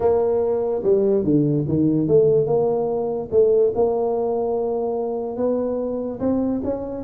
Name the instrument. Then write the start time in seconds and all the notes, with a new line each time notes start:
tuba
0.00 A#3
0.83 G3
1.24 D3
1.68 D#3
2.07 A3
2.46 A#3
3.31 A3
3.75 A#3
5.36 B3
6.19 C4
6.63 C#4